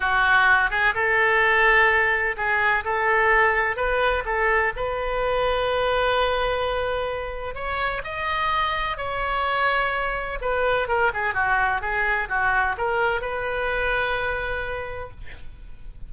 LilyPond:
\new Staff \with { instrumentName = "oboe" } { \time 4/4 \tempo 4 = 127 fis'4. gis'8 a'2~ | a'4 gis'4 a'2 | b'4 a'4 b'2~ | b'1 |
cis''4 dis''2 cis''4~ | cis''2 b'4 ais'8 gis'8 | fis'4 gis'4 fis'4 ais'4 | b'1 | }